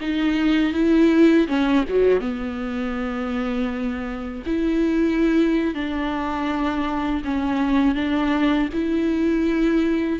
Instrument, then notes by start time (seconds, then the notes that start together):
viola
0.00 D#4
0.73 E4
1.47 C#4
1.89 F#3
2.20 B3
4.46 E4
5.74 D4
7.24 C#4
7.95 D4
8.73 E4